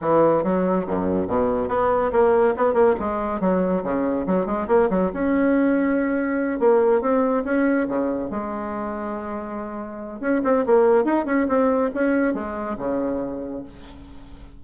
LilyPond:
\new Staff \with { instrumentName = "bassoon" } { \time 4/4 \tempo 4 = 141 e4 fis4 fis,4 b,4 | b4 ais4 b8 ais8 gis4 | fis4 cis4 fis8 gis8 ais8 fis8 | cis'2.~ cis'8 ais8~ |
ais8 c'4 cis'4 cis4 gis8~ | gis1 | cis'8 c'8 ais4 dis'8 cis'8 c'4 | cis'4 gis4 cis2 | }